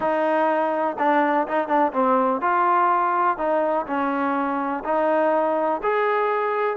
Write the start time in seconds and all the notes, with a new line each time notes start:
0.00 D#4
0.98 D4
1.47 D#4
1.68 D4
1.92 C4
2.41 F4
3.37 D#4
3.86 C#4
4.84 D#4
5.82 G#4